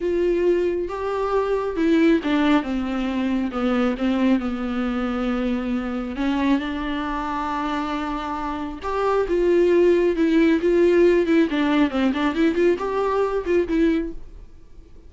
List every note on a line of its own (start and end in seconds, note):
0.00 0.88 F4
0.88 1.76 G4
1.76 2.20 E4
2.23 2.62 D4
2.62 3.51 C4
3.51 3.95 B3
3.97 4.39 C4
4.39 6.16 B3
6.16 6.59 C#4
6.59 8.79 D4
8.82 9.26 G4
9.28 10.16 F4
10.16 10.60 E4
10.61 11.26 F4
11.26 11.48 E4
11.49 11.90 D4
11.90 12.12 C4
12.13 12.34 D4
12.34 12.54 E4
12.54 12.76 F4
12.78 13.44 G4
13.45 13.67 F4
13.68 14.12 E4